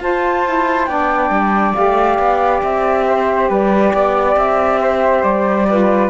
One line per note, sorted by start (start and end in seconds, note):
0.00 0.43 F4
0.00 0.87 F4
0.00 0.88 C5
0.00 0.86 A5
0.45 0.88 E4
0.86 1.30 B3
0.86 1.75 D4
0.86 3.06 D5
0.86 1.73 G5
1.30 1.73 G3
1.74 2.19 A3
1.74 5.66 G4
1.74 2.61 F5
2.19 2.62 B3
2.62 3.49 C4
2.62 3.49 E5
3.07 3.49 C5
3.49 3.93 G3
3.49 3.92 B4
3.49 4.38 D5
3.93 4.36 B3
3.93 4.80 D5
4.36 5.23 C4
4.36 5.23 E5
4.81 5.68 C5
5.23 6.10 G3
5.23 6.10 D5
5.69 6.10 F4
5.69 6.10 B4